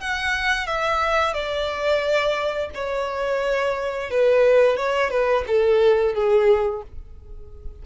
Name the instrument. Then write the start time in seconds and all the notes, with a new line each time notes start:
violin
0.00 F#5
0.66 E5
1.33 D5
2.74 C#5
4.10 B4
4.76 C#5
5.10 B4
5.47 A4
6.14 G#4